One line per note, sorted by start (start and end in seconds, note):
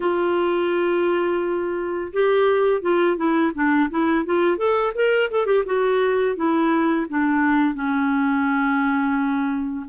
0.00 2.12 F4
2.12 2.81 G4
2.81 3.16 F4
3.16 3.52 E4
3.54 3.89 D4
3.90 4.25 E4
4.25 4.57 F4
4.57 4.92 A4
4.94 5.30 A#4
5.30 5.46 A4
5.46 5.63 G4
5.65 6.36 F#4
6.36 7.06 E4
7.09 7.74 D4
7.74 9.86 C#4